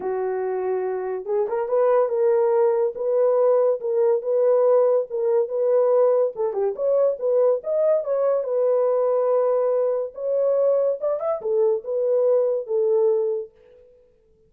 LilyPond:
\new Staff \with { instrumentName = "horn" } { \time 4/4 \tempo 4 = 142 fis'2. gis'8 ais'8 | b'4 ais'2 b'4~ | b'4 ais'4 b'2 | ais'4 b'2 a'8 g'8 |
cis''4 b'4 dis''4 cis''4 | b'1 | cis''2 d''8 e''8 a'4 | b'2 a'2 | }